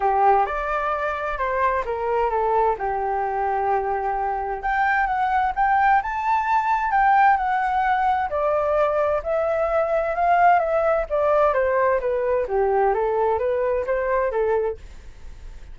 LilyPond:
\new Staff \with { instrumentName = "flute" } { \time 4/4 \tempo 4 = 130 g'4 d''2 c''4 | ais'4 a'4 g'2~ | g'2 g''4 fis''4 | g''4 a''2 g''4 |
fis''2 d''2 | e''2 f''4 e''4 | d''4 c''4 b'4 g'4 | a'4 b'4 c''4 a'4 | }